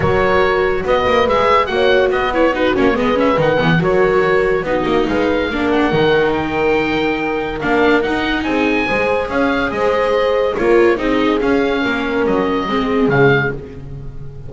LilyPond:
<<
  \new Staff \with { instrumentName = "oboe" } { \time 4/4 \tempo 4 = 142 cis''2 dis''4 e''4 | fis''4 dis''8 cis''8 b'8 cis''8 dis''8 e''8 | fis''4 cis''2 dis''4 | f''4. fis''4. g''4~ |
g''2 f''4 fis''4 | gis''2 f''4 dis''4~ | dis''4 cis''4 dis''4 f''4~ | f''4 dis''2 f''4 | }
  \new Staff \with { instrumentName = "horn" } { \time 4/4 ais'2 b'2 | cis''4 b'4 fis'4 b'4~ | b'4 ais'2 fis'4 | b'4 ais'2.~ |
ais'1 | gis'4 c''4 cis''4 c''4~ | c''4 ais'4 gis'2 | ais'2 gis'2 | }
  \new Staff \with { instrumentName = "viola" } { \time 4/4 fis'2. gis'4 | fis'4. e'8 dis'8 cis'8 b8 cis'8 | dis'8 b8 fis'2 dis'4~ | dis'4 d'4 dis'2~ |
dis'2 d'4 dis'4~ | dis'4 gis'2.~ | gis'4 f'4 dis'4 cis'4~ | cis'2 c'4 gis4 | }
  \new Staff \with { instrumentName = "double bass" } { \time 4/4 fis2 b8 ais8 gis4 | ais4 b4. ais8 gis4 | dis8 e8 fis2 b8 ais8 | gis4 ais4 dis2~ |
dis2 ais4 dis'4 | c'4 gis4 cis'4 gis4~ | gis4 ais4 c'4 cis'4 | ais4 fis4 gis4 cis4 | }
>>